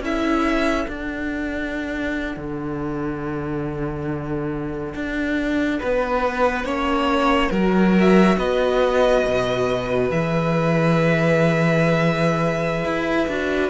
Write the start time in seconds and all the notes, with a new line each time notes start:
0.00 C#4 E4 A4 E5
0.87 D4 F#5
2.37 D3
4.95 D4
5.80 B3 B4
6.64 A#3 C#4 C#5
7.50 F#3 F#4 A#4
7.99 E5
8.38 B3 B4 D#5
9.25 B2
10.10 E3 G#4 E5
12.84 E4
13.28 D4 F#4